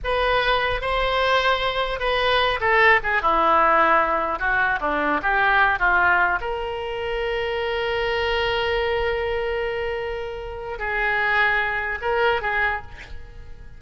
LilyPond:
\new Staff \with { instrumentName = "oboe" } { \time 4/4 \tempo 4 = 150 b'2 c''2~ | c''4 b'4. a'4 gis'8 | e'2. fis'4 | d'4 g'4. f'4. |
ais'1~ | ais'1~ | ais'2. gis'4~ | gis'2 ais'4 gis'4 | }